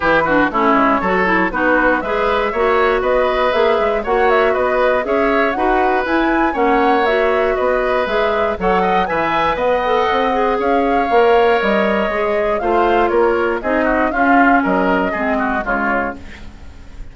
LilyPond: <<
  \new Staff \with { instrumentName = "flute" } { \time 4/4 \tempo 4 = 119 b'4 cis''2 b'4 | e''2 dis''4 e''4 | fis''8 e''8 dis''4 e''4 fis''4 | gis''4 fis''4 e''4 dis''4 |
e''4 fis''4 gis''4 fis''4~ | fis''4 f''2 dis''4~ | dis''4 f''4 cis''4 dis''4 | f''4 dis''2 cis''4 | }
  \new Staff \with { instrumentName = "oboe" } { \time 4/4 g'8 fis'8 e'4 a'4 fis'4 | b'4 cis''4 b'2 | cis''4 b'4 cis''4 b'4~ | b'4 cis''2 b'4~ |
b'4 cis''8 dis''8 e''4 dis''4~ | dis''4 cis''2.~ | cis''4 c''4 ais'4 gis'8 fis'8 | f'4 ais'4 gis'8 fis'8 f'4 | }
  \new Staff \with { instrumentName = "clarinet" } { \time 4/4 e'8 d'8 cis'4 fis'8 e'8 dis'4 | gis'4 fis'2 gis'4 | fis'2 gis'4 fis'4 | e'4 cis'4 fis'2 |
gis'4 a'4 b'4. a'8~ | a'8 gis'4. ais'2 | gis'4 f'2 dis'4 | cis'2 c'4 gis4 | }
  \new Staff \with { instrumentName = "bassoon" } { \time 4/4 e4 a8 gis8 fis4 b4 | gis4 ais4 b4 ais8 gis8 | ais4 b4 cis'4 dis'4 | e'4 ais2 b4 |
gis4 fis4 e4 b4 | c'4 cis'4 ais4 g4 | gis4 a4 ais4 c'4 | cis'4 fis4 gis4 cis4 | }
>>